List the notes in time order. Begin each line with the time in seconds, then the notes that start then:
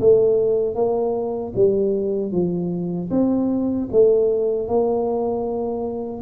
0.00 A3
0.75 A#3
1.55 G3
2.32 F3
3.10 C4
3.91 A3
4.68 A#3